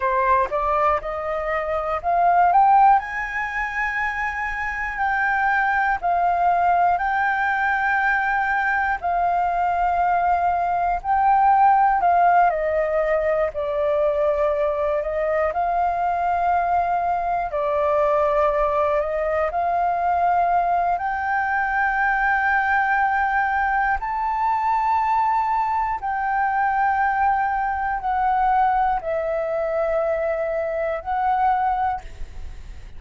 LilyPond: \new Staff \with { instrumentName = "flute" } { \time 4/4 \tempo 4 = 60 c''8 d''8 dis''4 f''8 g''8 gis''4~ | gis''4 g''4 f''4 g''4~ | g''4 f''2 g''4 | f''8 dis''4 d''4. dis''8 f''8~ |
f''4. d''4. dis''8 f''8~ | f''4 g''2. | a''2 g''2 | fis''4 e''2 fis''4 | }